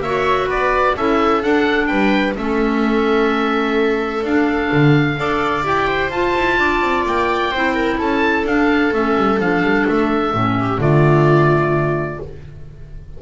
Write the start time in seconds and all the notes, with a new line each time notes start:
0.00 A#3 F#4 C#5 E5
0.47 B3 B4 D5
0.96 C#4 E4 A4 E5
1.42 D4 F#5
1.86 G3 B4 G5
2.35 A3 C#4 A4 E5
4.23 D4 F5
4.72 D3
5.17 D4 A4 D5
5.64 E4 G4 G5
5.88 C5
6.10 F4 A5
6.37 E4
6.59 D4 D5
6.82 C4
7.06 A#3 G5
7.52 C4 E4 C5
7.74 A#4
7.98 C#4 A4 A5
8.44 D4 F5
8.92 A3 C#4 E5
9.17 G3
9.39 F3 D4 F5
9.63 G3
9.88 A3 E5
10.34 A2 C#4
10.60 G4
10.79 D3 A3 F4 D5